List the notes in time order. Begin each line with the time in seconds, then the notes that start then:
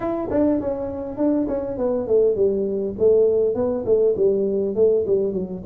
0.00 E4
0.30 D4
0.60 C#4
1.17 D4
1.47 C#4
1.77 B3
2.07 A3
2.35 G3
2.98 A3
3.54 B3
3.85 A3
4.16 G3
4.75 A3
5.07 G3
5.32 F#3